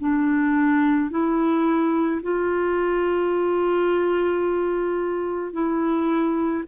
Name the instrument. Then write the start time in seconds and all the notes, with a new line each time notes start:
clarinet
0.00 D4
1.11 E4
2.23 F4
5.53 E4